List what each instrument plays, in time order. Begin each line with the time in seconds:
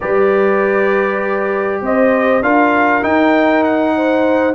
0.00 tuba G3, trombone G4, horn B4, trumpet D5
1.81 tuba C4, horn C5, trumpet D#5
2.42 tuba D4, trombone F4, horn A#4, trumpet F5
3.02 trombone D#4, tuba D#4, trumpet G5
3.63 trumpet F#5
3.95 horn C5